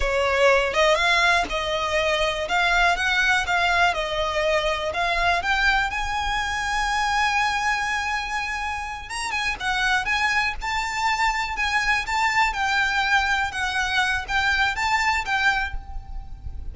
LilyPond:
\new Staff \with { instrumentName = "violin" } { \time 4/4 \tempo 4 = 122 cis''4. dis''8 f''4 dis''4~ | dis''4 f''4 fis''4 f''4 | dis''2 f''4 g''4 | gis''1~ |
gis''2~ gis''8 ais''8 gis''8 fis''8~ | fis''8 gis''4 a''2 gis''8~ | gis''8 a''4 g''2 fis''8~ | fis''4 g''4 a''4 g''4 | }